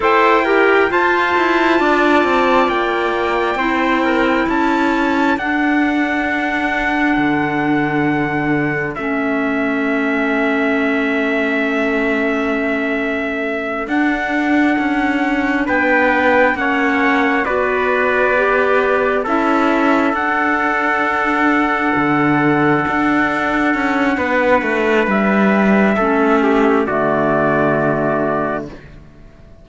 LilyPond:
<<
  \new Staff \with { instrumentName = "trumpet" } { \time 4/4 \tempo 4 = 67 g''4 a''2 g''4~ | g''4 a''4 fis''2~ | fis''2 e''2~ | e''2.~ e''8 fis''8~ |
fis''4. g''4 fis''4 d''8~ | d''4. e''4 fis''4.~ | fis''1 | e''2 d''2 | }
  \new Staff \with { instrumentName = "trumpet" } { \time 4/4 c''8 ais'8 c''4 d''2 | c''8 ais'8 a'2.~ | a'1~ | a'1~ |
a'4. b'4 cis''4 b'8~ | b'4. a'2~ a'8~ | a'2. b'4~ | b'4 a'8 g'8 fis'2 | }
  \new Staff \with { instrumentName = "clarinet" } { \time 4/4 a'8 g'8 f'2. | e'2 d'2~ | d'2 cis'2~ | cis'2.~ cis'8 d'8~ |
d'2~ d'8 cis'4 fis'8~ | fis'8 g'4 e'4 d'4.~ | d'1~ | d'4 cis'4 a2 | }
  \new Staff \with { instrumentName = "cello" } { \time 4/4 e'4 f'8 e'8 d'8 c'8 ais4 | c'4 cis'4 d'2 | d2 a2~ | a2.~ a8 d'8~ |
d'8 cis'4 b4 ais4 b8~ | b4. cis'4 d'4.~ | d'8 d4 d'4 cis'8 b8 a8 | g4 a4 d2 | }
>>